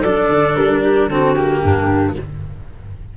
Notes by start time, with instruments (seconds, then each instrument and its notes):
0.00 tuba F#3, cello D4, clarinet A4, flute D5
0.29 tuba D3
0.56 tuba G3, flute A#4
0.81 clarinet G4
1.08 tuba D3, cello C4, clarinet F#4, flute A4
1.35 cello A#3, flute G4
1.61 tuba G2, clarinet D4